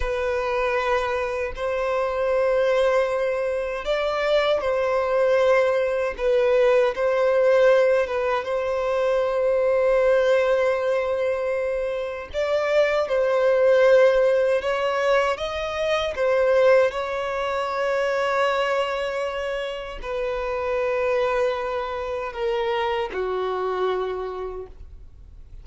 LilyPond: \new Staff \with { instrumentName = "violin" } { \time 4/4 \tempo 4 = 78 b'2 c''2~ | c''4 d''4 c''2 | b'4 c''4. b'8 c''4~ | c''1 |
d''4 c''2 cis''4 | dis''4 c''4 cis''2~ | cis''2 b'2~ | b'4 ais'4 fis'2 | }